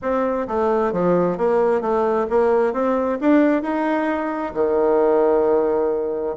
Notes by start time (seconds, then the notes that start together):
0.01 C4
0.47 A3
0.92 F3
1.37 A#3
1.81 A3
2.29 A#3
2.73 C4
3.20 D4
3.62 D#4
4.54 D#3